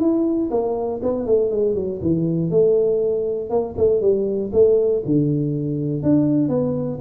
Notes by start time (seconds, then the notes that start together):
0.00 E4
0.51 A#3
1.03 B3
1.26 A3
1.51 G#3
1.75 F#3
2.02 E3
2.50 A3
3.50 A#3
3.78 A3
4.01 G3
4.53 A3
5.05 D3
6.03 D4
6.49 B3